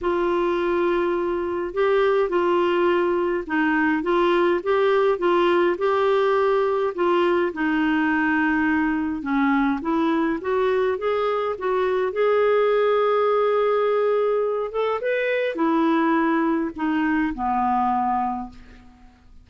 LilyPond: \new Staff \with { instrumentName = "clarinet" } { \time 4/4 \tempo 4 = 104 f'2. g'4 | f'2 dis'4 f'4 | g'4 f'4 g'2 | f'4 dis'2. |
cis'4 e'4 fis'4 gis'4 | fis'4 gis'2.~ | gis'4. a'8 b'4 e'4~ | e'4 dis'4 b2 | }